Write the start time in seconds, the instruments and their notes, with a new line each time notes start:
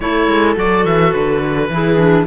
0.00 cello A3, clarinet E4, viola A4, oboe C#5
0.27 cello G#3
0.55 cello F#3, clarinet F#4, oboe D5
0.85 cello E3, oboe E5
1.13 cello D3, oboe B4
1.69 cello E3, clarinet E4, viola G#4
1.97 clarinet D4